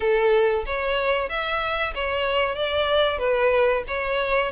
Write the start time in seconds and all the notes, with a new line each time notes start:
0.00 A4
0.66 C#5
1.29 E5
1.94 C#5
2.55 D5
3.18 B4
3.87 C#5